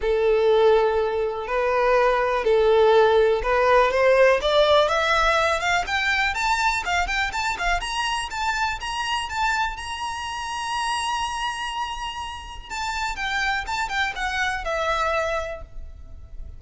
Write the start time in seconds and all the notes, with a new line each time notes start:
0.01 A4
1.47 B4
2.44 A4
3.42 B4
3.91 C5
4.41 D5
4.88 E5
5.60 F5
5.86 G5
6.34 A5
6.85 F5
7.07 G5
7.32 A5
7.58 F5
7.80 A#5
8.30 A5
8.80 A#5
9.29 A5
9.76 A#5
12.69 A5
13.16 G5
13.67 A5
13.88 G5
14.15 F#5
14.64 E5